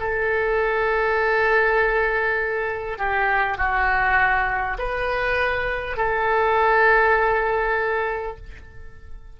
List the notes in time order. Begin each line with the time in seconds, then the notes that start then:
0.00 A4
2.98 G4
3.58 F#4
4.78 B4
5.97 A4